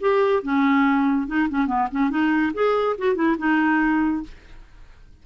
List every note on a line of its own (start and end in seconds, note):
0.00 0.42 G4
0.42 1.27 C#4
1.27 1.48 D#4
1.49 1.67 C#4
1.67 1.88 B3
1.91 2.10 C#4
2.10 2.52 D#4
2.53 2.96 G#4
2.98 3.15 F#4
3.15 3.36 E4
3.38 4.23 D#4